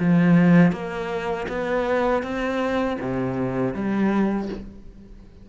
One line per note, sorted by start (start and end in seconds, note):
0.00 0.72 F3
0.72 1.47 A#3
1.49 2.23 B3
2.23 2.98 C4
3.01 3.74 C3
3.74 4.49 G3